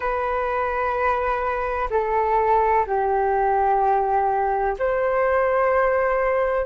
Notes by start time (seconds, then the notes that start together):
0.00 B4
1.90 A4
2.86 G4
4.79 C5